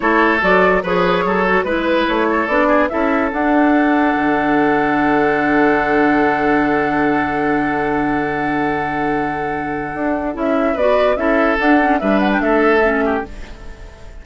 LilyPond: <<
  \new Staff \with { instrumentName = "flute" } { \time 4/4 \tempo 4 = 145 cis''4 d''4 cis''2 | b'4 cis''4 d''4 e''4 | fis''1~ | fis''1~ |
fis''1~ | fis''1~ | fis''4 e''4 d''4 e''4 | fis''4 e''8 fis''16 g''16 e''2 | }
  \new Staff \with { instrumentName = "oboe" } { \time 4/4 a'2 b'4 a'4 | b'4. a'4 gis'8 a'4~ | a'1~ | a'1~ |
a'1~ | a'1~ | a'2 b'4 a'4~ | a'4 b'4 a'4. g'8 | }
  \new Staff \with { instrumentName = "clarinet" } { \time 4/4 e'4 fis'4 gis'4. fis'8 | e'2 d'4 e'4 | d'1~ | d'1~ |
d'1~ | d'1~ | d'4 e'4 fis'4 e'4 | d'8 cis'8 d'2 cis'4 | }
  \new Staff \with { instrumentName = "bassoon" } { \time 4/4 a4 fis4 f4 fis4 | gis4 a4 b4 cis'4 | d'2 d2~ | d1~ |
d1~ | d1 | d'4 cis'4 b4 cis'4 | d'4 g4 a2 | }
>>